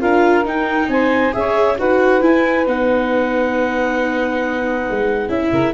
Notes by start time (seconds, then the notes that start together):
0.00 D4 F4 A#4 F5
0.45 D#4 G5
0.88 C4 C5 G#5
1.32 C#4 G#4 C#5 E5
1.78 D#4 F#4 B4 F#5
2.21 E4 G#5
2.66 B3 D#4 F#5
4.90 G#3
5.28 C#4 E4 E5
5.52 C#3 A#4